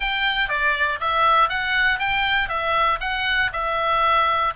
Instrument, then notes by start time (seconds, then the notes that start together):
oboe
0.00 G5
0.48 D5
1.00 E5
1.49 F#5
1.99 G5
2.48 E5
3.00 F#5
3.52 E5